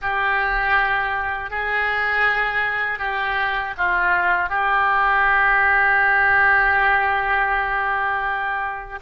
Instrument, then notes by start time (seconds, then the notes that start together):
oboe
0.01 G4
1.50 G#4
2.99 G4
3.77 F4
4.49 G4